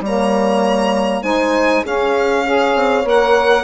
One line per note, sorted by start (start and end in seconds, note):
0.00 1.21 G3
0.00 1.23 A#3
0.00 1.23 C#5
0.00 1.23 A#5
1.22 1.83 G#3
1.22 1.84 D#4
1.22 1.84 C5
1.22 1.83 G#5
1.84 2.75 C#4
1.84 2.46 C#4
1.84 2.44 G#4
1.84 3.08 F5
2.45 3.03 G#4
2.45 3.64 C#5
2.75 3.05 C4
3.03 3.64 A#3
3.03 3.64 A#4
3.03 3.64 F#5